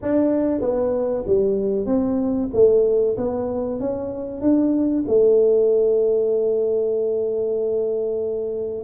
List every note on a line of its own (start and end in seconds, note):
0.01 0.61 D4
0.61 1.24 B3
1.27 1.86 G3
1.86 2.49 C4
2.53 3.16 A3
3.17 3.80 B3
3.80 4.41 C#4
4.41 5.04 D4
5.07 8.83 A3